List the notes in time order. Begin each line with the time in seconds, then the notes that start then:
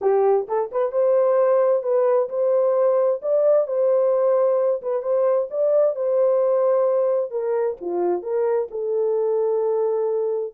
0.01 G4
0.48 A4
0.71 B4
0.92 C5
1.83 B4
2.29 C5
3.21 D5
3.67 C5
4.82 B4
5.02 C5
5.50 D5
5.95 C5
7.31 A#4
7.80 F4
8.22 A#4
8.70 A4